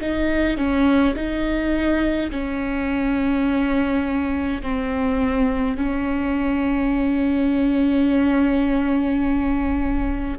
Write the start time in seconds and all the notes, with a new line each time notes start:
0.00 D#4
0.57 C#4
1.15 D#4
2.31 C#4
4.62 C4
5.77 C#4